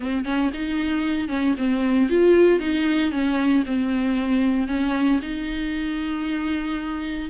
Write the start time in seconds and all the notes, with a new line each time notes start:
0.00 C4
0.24 C#4
0.53 D#4
1.28 C#4
1.57 C4
2.09 F4
2.59 D#4
3.11 C#4
3.65 C4
4.67 C#4
5.22 D#4